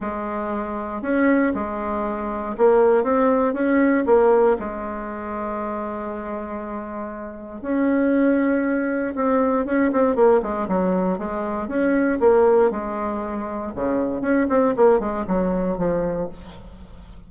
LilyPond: \new Staff \with { instrumentName = "bassoon" } { \time 4/4 \tempo 4 = 118 gis2 cis'4 gis4~ | gis4 ais4 c'4 cis'4 | ais4 gis2.~ | gis2. cis'4~ |
cis'2 c'4 cis'8 c'8 | ais8 gis8 fis4 gis4 cis'4 | ais4 gis2 cis4 | cis'8 c'8 ais8 gis8 fis4 f4 | }